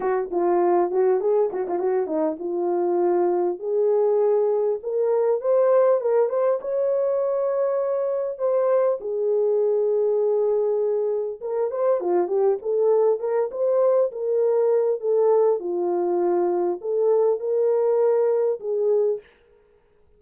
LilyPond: \new Staff \with { instrumentName = "horn" } { \time 4/4 \tempo 4 = 100 fis'8 f'4 fis'8 gis'8 fis'16 f'16 fis'8 dis'8 | f'2 gis'2 | ais'4 c''4 ais'8 c''8 cis''4~ | cis''2 c''4 gis'4~ |
gis'2. ais'8 c''8 | f'8 g'8 a'4 ais'8 c''4 ais'8~ | ais'4 a'4 f'2 | a'4 ais'2 gis'4 | }